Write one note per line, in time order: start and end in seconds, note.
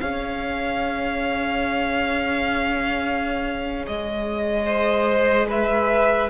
0.00 3.87 C#4
0.00 6.29 G#4
0.00 4.66 C#5
0.00 3.85 F5
3.87 6.30 G#3
3.87 5.49 D#5
4.66 5.47 C5
5.48 6.29 B4
5.48 6.30 E5